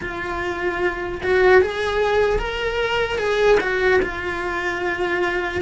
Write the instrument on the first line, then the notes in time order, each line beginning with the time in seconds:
cello
0.01 F4
1.23 F#4
1.61 G#4
2.38 A#4
3.18 G#4
3.60 F#4
4.01 F4